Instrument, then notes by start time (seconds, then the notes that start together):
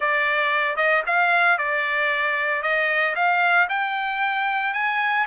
trumpet
0.00 D5
0.76 D#5
1.06 F5
1.57 D5
2.62 D#5
3.15 F5
3.69 G5
4.73 G#5